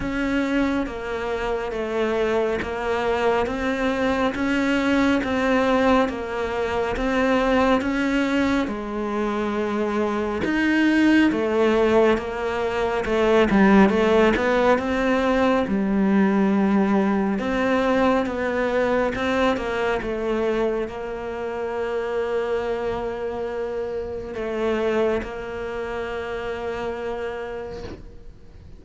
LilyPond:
\new Staff \with { instrumentName = "cello" } { \time 4/4 \tempo 4 = 69 cis'4 ais4 a4 ais4 | c'4 cis'4 c'4 ais4 | c'4 cis'4 gis2 | dis'4 a4 ais4 a8 g8 |
a8 b8 c'4 g2 | c'4 b4 c'8 ais8 a4 | ais1 | a4 ais2. | }